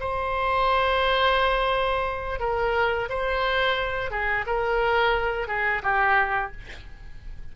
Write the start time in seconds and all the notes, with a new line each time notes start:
0.00 C5
2.39 A#4
3.09 C5
4.11 G#4
4.46 A#4
5.48 G#4
5.82 G4